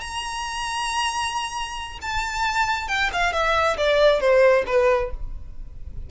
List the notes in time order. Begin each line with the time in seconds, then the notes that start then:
0.00 A#5
2.01 A5
2.88 G5
3.12 F5
3.32 E5
3.77 D5
4.20 C5
4.66 B4